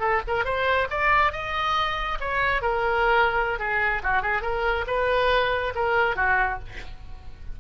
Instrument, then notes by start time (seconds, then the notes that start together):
oboe
0.00 A4
0.28 A#4
0.45 C5
0.90 D5
1.32 D#5
2.20 C#5
2.62 A#4
3.59 G#4
4.03 F#4
4.22 G#4
4.42 A#4
4.87 B4
5.75 A#4
6.16 F#4